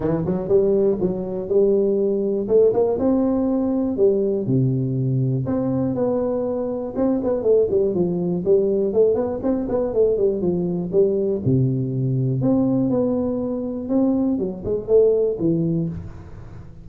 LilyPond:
\new Staff \with { instrumentName = "tuba" } { \time 4/4 \tempo 4 = 121 e8 fis8 g4 fis4 g4~ | g4 a8 ais8 c'2 | g4 c2 c'4 | b2 c'8 b8 a8 g8 |
f4 g4 a8 b8 c'8 b8 | a8 g8 f4 g4 c4~ | c4 c'4 b2 | c'4 fis8 gis8 a4 e4 | }